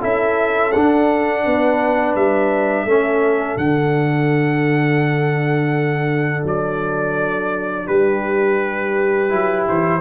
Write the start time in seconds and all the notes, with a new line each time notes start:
0.00 C#4 E4 A4 E5
0.72 D4 F#5
1.44 B3 B4
2.15 G3 E5
2.85 A3 C#4 A4
3.57 D3 D4 F#5
6.44 F#3 D5
7.86 G3 G4 B4
9.29 F#3 E4
9.68 E3 C5